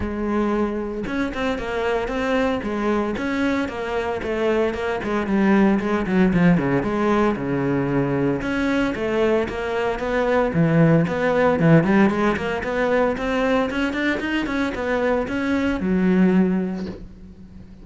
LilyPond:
\new Staff \with { instrumentName = "cello" } { \time 4/4 \tempo 4 = 114 gis2 cis'8 c'8 ais4 | c'4 gis4 cis'4 ais4 | a4 ais8 gis8 g4 gis8 fis8 | f8 cis8 gis4 cis2 |
cis'4 a4 ais4 b4 | e4 b4 e8 g8 gis8 ais8 | b4 c'4 cis'8 d'8 dis'8 cis'8 | b4 cis'4 fis2 | }